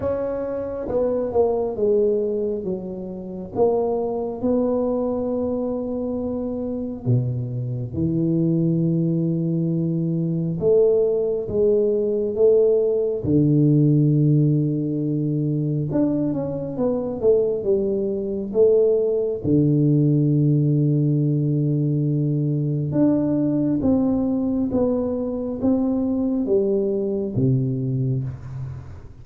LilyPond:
\new Staff \with { instrumentName = "tuba" } { \time 4/4 \tempo 4 = 68 cis'4 b8 ais8 gis4 fis4 | ais4 b2. | b,4 e2. | a4 gis4 a4 d4~ |
d2 d'8 cis'8 b8 a8 | g4 a4 d2~ | d2 d'4 c'4 | b4 c'4 g4 c4 | }